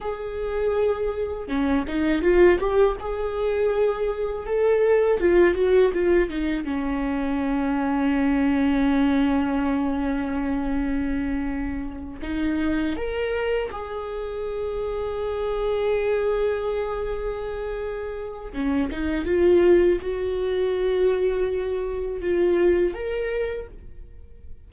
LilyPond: \new Staff \with { instrumentName = "viola" } { \time 4/4 \tempo 4 = 81 gis'2 cis'8 dis'8 f'8 g'8 | gis'2 a'4 f'8 fis'8 | f'8 dis'8 cis'2.~ | cis'1~ |
cis'8 dis'4 ais'4 gis'4.~ | gis'1~ | gis'4 cis'8 dis'8 f'4 fis'4~ | fis'2 f'4 ais'4 | }